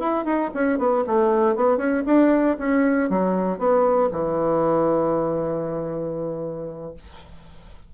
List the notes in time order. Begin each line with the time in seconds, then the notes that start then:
0.00 E4
0.25 D#4
0.54 C#4
0.79 B3
1.07 A3
1.56 B3
1.78 C#4
2.06 D4
2.59 C#4
3.10 F#3
3.59 B3
4.12 E3